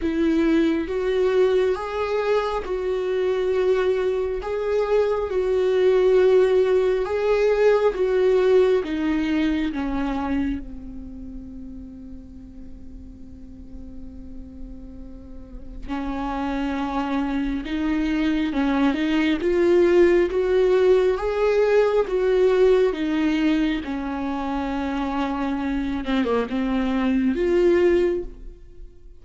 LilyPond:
\new Staff \with { instrumentName = "viola" } { \time 4/4 \tempo 4 = 68 e'4 fis'4 gis'4 fis'4~ | fis'4 gis'4 fis'2 | gis'4 fis'4 dis'4 cis'4 | c'1~ |
c'2 cis'2 | dis'4 cis'8 dis'8 f'4 fis'4 | gis'4 fis'4 dis'4 cis'4~ | cis'4. c'16 ais16 c'4 f'4 | }